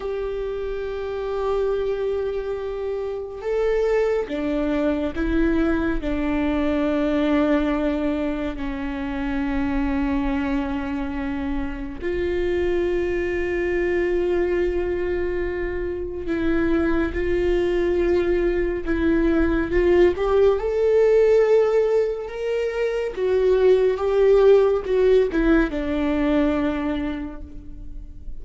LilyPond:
\new Staff \with { instrumentName = "viola" } { \time 4/4 \tempo 4 = 70 g'1 | a'4 d'4 e'4 d'4~ | d'2 cis'2~ | cis'2 f'2~ |
f'2. e'4 | f'2 e'4 f'8 g'8 | a'2 ais'4 fis'4 | g'4 fis'8 e'8 d'2 | }